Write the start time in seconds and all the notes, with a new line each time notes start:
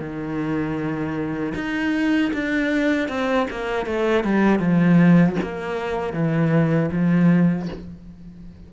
0.00 D#3
1.55 D#4
2.33 D4
3.08 C4
3.50 A#3
3.86 A3
4.24 G3
4.59 F3
5.42 A#3
6.13 E3
6.91 F3